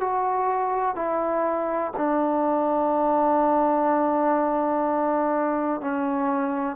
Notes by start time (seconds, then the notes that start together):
0.00 F#4
0.95 E4
1.97 D4
5.81 C#4